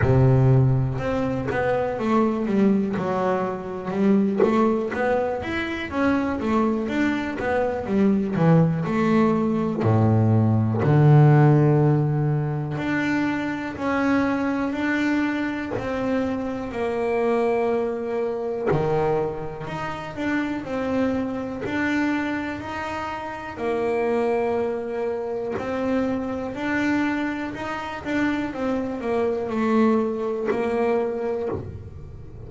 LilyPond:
\new Staff \with { instrumentName = "double bass" } { \time 4/4 \tempo 4 = 61 c4 c'8 b8 a8 g8 fis4 | g8 a8 b8 e'8 cis'8 a8 d'8 b8 | g8 e8 a4 a,4 d4~ | d4 d'4 cis'4 d'4 |
c'4 ais2 dis4 | dis'8 d'8 c'4 d'4 dis'4 | ais2 c'4 d'4 | dis'8 d'8 c'8 ais8 a4 ais4 | }